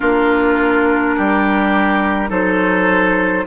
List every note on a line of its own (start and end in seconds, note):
0.00 1.16 A#3
0.00 2.28 D4
0.00 1.15 F4
0.00 2.31 A#4
1.17 2.30 G3
1.17 2.29 G4
2.28 3.45 F#3
2.28 3.43 D#4
2.28 3.44 A4
2.28 3.46 C5